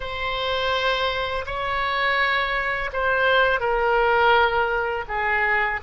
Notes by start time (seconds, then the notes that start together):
0.00 C5
1.46 C#5
2.92 C5
3.59 A#4
5.08 G#4